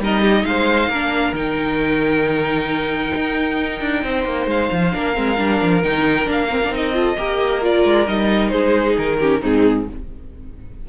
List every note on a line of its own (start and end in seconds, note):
0.00 0.45 G3
0.00 0.93 D#4
0.00 0.21 A#4
0.00 0.45 D#5
0.21 0.43 G4
0.45 0.89 G#3
0.45 0.90 C5
0.45 1.35 F5
0.89 1.33 A#3
0.89 1.35 D4
0.89 4.03 A#4
1.33 3.12 D#3
1.33 4.93 D#4
1.33 4.50 G5
3.16 3.81 D#4
3.81 4.04 D4
4.04 4.25 C4
4.04 4.95 C5
4.25 4.47 A#3
4.47 4.69 G#3
4.47 5.84 F5
4.72 4.95 F3
4.93 5.17 A#3
4.93 5.15 D4
4.93 6.96 A#4
5.15 5.39 G#3
5.15 5.37 C4
5.37 5.62 G3
5.37 5.82 D4
5.62 5.84 F3
5.84 6.27 D#3
5.84 6.26 D#4
5.84 6.28 G5
6.26 6.70 A#3
6.26 6.48 D4
6.26 6.75 F5
6.51 6.62 C4
6.64 6.73 D4
6.70 7.15 C4
6.70 6.94 D#4
6.70 7.64 D#5
6.94 7.16 F4
6.94 7.18 A4
7.18 7.85 A#3
7.18 7.62 G4
7.18 8.52 A#4
7.62 8.07 F4
7.62 8.08 D5
7.85 8.07 G#3
8.08 8.52 G3
8.08 9.20 D#4
8.08 8.49 D#5
8.49 8.97 G#3
8.49 9.19 G#4
8.49 8.94 C5
8.98 9.43 D#3
8.98 9.44 A#4
9.20 9.42 C#4
9.20 9.41 G4
9.41 9.89 G#2
9.41 9.87 C4
9.41 9.86 D#4
9.41 9.89 G#4